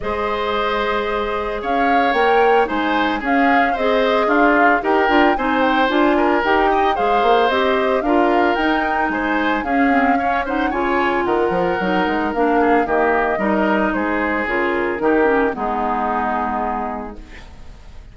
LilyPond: <<
  \new Staff \with { instrumentName = "flute" } { \time 4/4 \tempo 4 = 112 dis''2. f''4 | g''4 gis''4 f''4 dis''4 | f''4 g''4 gis''8 g''8 gis''4 | g''4 f''4 dis''4 f''4 |
g''4 gis''4 f''4. fis''8 | gis''4 fis''2 f''4 | dis''2 c''4 ais'4~ | ais'4 gis'2. | }
  \new Staff \with { instrumentName = "oboe" } { \time 4/4 c''2. cis''4~ | cis''4 c''4 gis'4 c''4 | f'4 ais'4 c''4. ais'8~ | ais'8 dis''8 c''2 ais'4~ |
ais'4 c''4 gis'4 cis''8 c''8 | cis''4 ais'2~ ais'8 gis'8 | g'4 ais'4 gis'2 | g'4 dis'2. | }
  \new Staff \with { instrumentName = "clarinet" } { \time 4/4 gis'1 | ais'4 dis'4 cis'4 gis'4~ | gis'4 g'8 f'8 dis'4 f'4 | g'4 gis'4 g'4 f'4 |
dis'2 cis'8 c'8 cis'8 dis'8 | f'2 dis'4 d'4 | ais4 dis'2 f'4 | dis'8 cis'8 b2. | }
  \new Staff \with { instrumentName = "bassoon" } { \time 4/4 gis2. cis'4 | ais4 gis4 cis'4 c'4 | d'4 dis'8 d'8 c'4 d'4 | dis'4 gis8 ais8 c'4 d'4 |
dis'4 gis4 cis'2 | cis4 dis8 f8 fis8 gis8 ais4 | dis4 g4 gis4 cis4 | dis4 gis2. | }
>>